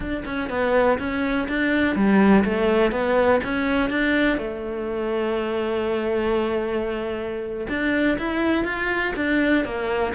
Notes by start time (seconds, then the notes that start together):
0.00 D4
0.25 C#4
0.49 B3
0.98 C#4
1.48 D4
1.95 G3
2.44 A3
2.91 B3
3.43 C#4
3.90 D4
4.37 A3
7.68 D4
8.18 E4
8.64 F4
9.16 D4
9.64 A#3